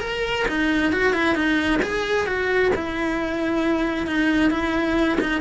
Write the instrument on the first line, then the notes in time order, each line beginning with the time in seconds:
cello
0.00 A#4
0.48 D#4
0.92 F#4
1.13 E4
1.35 D#4
1.82 G#4
2.27 F#4
2.75 E4
4.07 D#4
4.50 E4
5.20 D#4